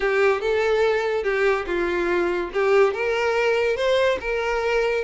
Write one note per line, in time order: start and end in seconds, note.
0.00 0.41 G4
0.41 1.23 A4
1.23 1.65 G4
1.66 2.50 F4
2.53 2.93 G4
2.93 3.76 A#4
3.76 4.18 C5
4.20 5.04 A#4